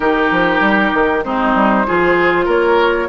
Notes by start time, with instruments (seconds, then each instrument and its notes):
0.00 bassoon D#3, clarinet D#4, oboe G4, flute A#4
0.31 bassoon F3
0.60 bassoon G3
0.93 bassoon D#3
1.24 bassoon G#3, clarinet C4, oboe D#4, flute C5
1.54 bassoon G3
1.86 bassoon F3, clarinet F4, oboe G#4
2.45 bassoon A#3, oboe A#4, flute C#5